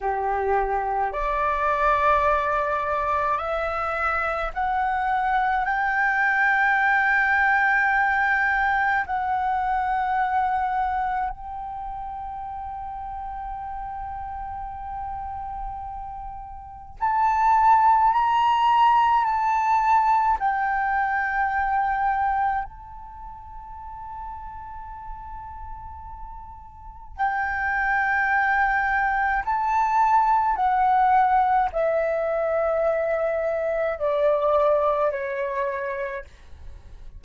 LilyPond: \new Staff \with { instrumentName = "flute" } { \time 4/4 \tempo 4 = 53 g'4 d''2 e''4 | fis''4 g''2. | fis''2 g''2~ | g''2. a''4 |
ais''4 a''4 g''2 | a''1 | g''2 a''4 fis''4 | e''2 d''4 cis''4 | }